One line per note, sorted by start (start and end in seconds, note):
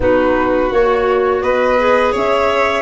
0.00 0.71 B3
0.00 0.71 D#4
0.00 1.42 F#4
0.00 0.72 B4
0.71 1.42 A#3
0.71 1.78 F#4
0.71 1.41 C#5
1.41 2.13 B3
1.41 2.12 B4
1.41 2.12 D#5
1.78 2.81 G#4
2.12 2.81 C#4
2.12 2.81 C#5
2.12 2.81 E5